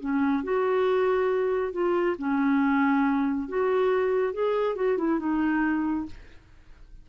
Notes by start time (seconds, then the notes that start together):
0.00 C#4
0.43 F#4
1.72 F4
2.18 C#4
3.48 F#4
4.33 G#4
4.75 F#4
4.97 E4
5.19 D#4